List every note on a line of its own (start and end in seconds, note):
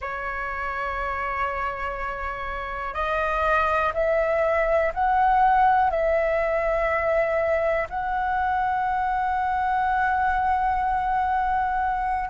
0.00 2.94 C#5
2.94 3.92 D#5
3.93 4.92 E5
4.94 5.90 F#5
5.90 7.87 E5
7.90 12.29 F#5